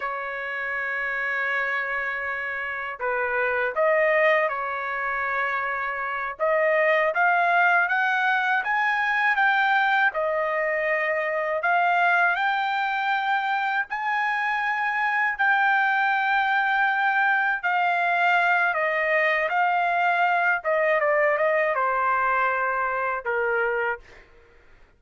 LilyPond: \new Staff \with { instrumentName = "trumpet" } { \time 4/4 \tempo 4 = 80 cis''1 | b'4 dis''4 cis''2~ | cis''8 dis''4 f''4 fis''4 gis''8~ | gis''8 g''4 dis''2 f''8~ |
f''8 g''2 gis''4.~ | gis''8 g''2. f''8~ | f''4 dis''4 f''4. dis''8 | d''8 dis''8 c''2 ais'4 | }